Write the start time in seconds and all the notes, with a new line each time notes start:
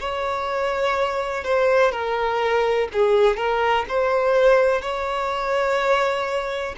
0.00 C#5
1.45 C5
1.92 A#4
2.93 G#4
3.37 A#4
3.89 C5
4.82 C#5